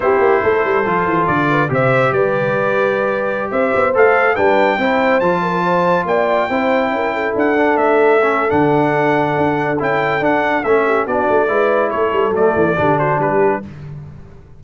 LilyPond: <<
  \new Staff \with { instrumentName = "trumpet" } { \time 4/4 \tempo 4 = 141 c''2. d''4 | e''4 d''2.~ | d''16 e''4 f''4 g''4.~ g''16~ | g''16 a''2 g''4.~ g''16~ |
g''4~ g''16 fis''4 e''4.~ e''16 | fis''2. g''4 | fis''4 e''4 d''2 | cis''4 d''4. c''8 b'4 | }
  \new Staff \with { instrumentName = "horn" } { \time 4/4 g'4 a'2~ a'8 b'8 | c''4 b'2.~ | b'16 c''2 b'4 c''8.~ | c''8. ais'8 c''4 d''4 c''8.~ |
c''16 ais'8 a'2.~ a'16~ | a'1~ | a'4. g'8 fis'4 b'4 | a'2 g'8 fis'8 g'4 | }
  \new Staff \with { instrumentName = "trombone" } { \time 4/4 e'2 f'2 | g'1~ | g'4~ g'16 a'4 d'4 e'8.~ | e'16 f'2. e'8.~ |
e'4.~ e'16 d'4. cis'8. | d'2. e'4 | d'4 cis'4 d'4 e'4~ | e'4 a4 d'2 | }
  \new Staff \with { instrumentName = "tuba" } { \time 4/4 c'8 ais8 a8 g8 f8 e8 d4 | c4 g2.~ | g16 c'8 b8 a4 g4 c'8.~ | c'16 f2 ais4 c'8.~ |
c'16 cis'4 d'4 a4.~ a16 | d2 d'4 cis'4 | d'4 a4 b8 a8 gis4 | a8 g8 fis8 e8 d4 g4 | }
>>